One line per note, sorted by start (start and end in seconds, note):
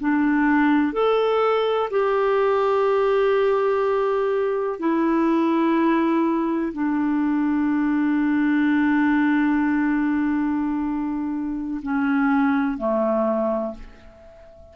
0.00 0.93 D4
0.93 1.90 A4
1.90 4.79 G4
4.79 6.73 E4
6.73 11.81 D4
11.82 12.77 C#4
12.77 13.74 A3